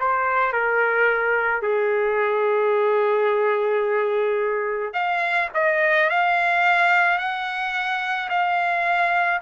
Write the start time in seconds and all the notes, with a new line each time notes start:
0.00 C5
0.53 A#4
1.62 G#4
4.93 F5
5.54 D#5
6.10 F5
7.18 F#5
8.29 F5